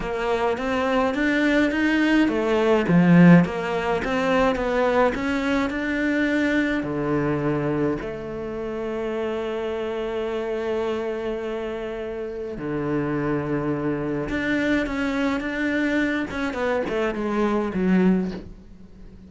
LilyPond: \new Staff \with { instrumentName = "cello" } { \time 4/4 \tempo 4 = 105 ais4 c'4 d'4 dis'4 | a4 f4 ais4 c'4 | b4 cis'4 d'2 | d2 a2~ |
a1~ | a2 d2~ | d4 d'4 cis'4 d'4~ | d'8 cis'8 b8 a8 gis4 fis4 | }